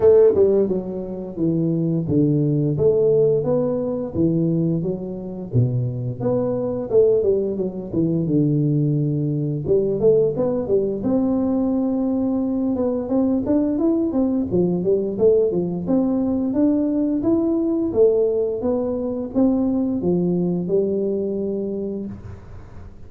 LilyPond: \new Staff \with { instrumentName = "tuba" } { \time 4/4 \tempo 4 = 87 a8 g8 fis4 e4 d4 | a4 b4 e4 fis4 | b,4 b4 a8 g8 fis8 e8 | d2 g8 a8 b8 g8 |
c'2~ c'8 b8 c'8 d'8 | e'8 c'8 f8 g8 a8 f8 c'4 | d'4 e'4 a4 b4 | c'4 f4 g2 | }